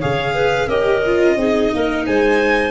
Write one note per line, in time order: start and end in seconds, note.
0.00 0.68 C#3
0.00 0.69 G#4
0.00 0.34 C#5
0.00 0.69 F5
0.35 0.68 B4
0.68 1.36 C#4
0.68 1.04 G4
0.68 1.36 A#4
0.68 2.06 D#5
1.06 1.39 F4
1.36 1.70 C4
1.36 2.71 D#4
1.36 1.73 G#4
1.73 2.08 A#3
1.73 2.07 A#4
2.06 2.71 G#3
2.06 2.71 C5
2.06 2.71 G#5